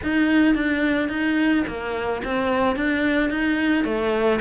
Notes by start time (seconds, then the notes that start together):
0.03 D#4
0.55 D4
1.09 D#4
1.67 A#3
2.24 C4
2.75 D4
3.30 D#4
3.84 A3